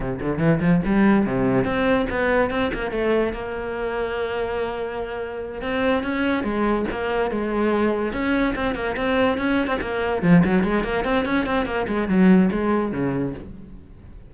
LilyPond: \new Staff \with { instrumentName = "cello" } { \time 4/4 \tempo 4 = 144 c8 d8 e8 f8 g4 c4 | c'4 b4 c'8 ais8 a4 | ais1~ | ais4. c'4 cis'4 gis8~ |
gis8 ais4 gis2 cis'8~ | cis'8 c'8 ais8 c'4 cis'8. c'16 ais8~ | ais8 f8 fis8 gis8 ais8 c'8 cis'8 c'8 | ais8 gis8 fis4 gis4 cis4 | }